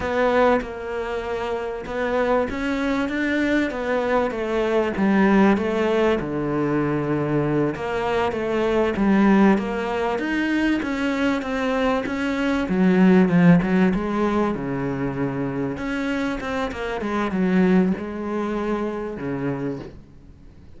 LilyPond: \new Staff \with { instrumentName = "cello" } { \time 4/4 \tempo 4 = 97 b4 ais2 b4 | cis'4 d'4 b4 a4 | g4 a4 d2~ | d8 ais4 a4 g4 ais8~ |
ais8 dis'4 cis'4 c'4 cis'8~ | cis'8 fis4 f8 fis8 gis4 cis8~ | cis4. cis'4 c'8 ais8 gis8 | fis4 gis2 cis4 | }